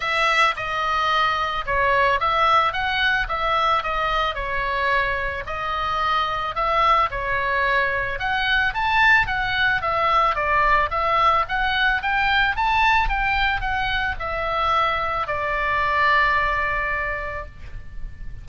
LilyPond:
\new Staff \with { instrumentName = "oboe" } { \time 4/4 \tempo 4 = 110 e''4 dis''2 cis''4 | e''4 fis''4 e''4 dis''4 | cis''2 dis''2 | e''4 cis''2 fis''4 |
a''4 fis''4 e''4 d''4 | e''4 fis''4 g''4 a''4 | g''4 fis''4 e''2 | d''1 | }